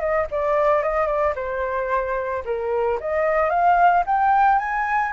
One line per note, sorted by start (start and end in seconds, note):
0.00 0.27 D#5
0.31 0.83 D5
0.83 1.07 D#5
1.07 1.34 D5
1.36 2.44 C5
2.45 2.99 A#4
3.00 3.50 D#5
3.50 4.04 F5
4.06 4.59 G5
4.59 5.13 G#5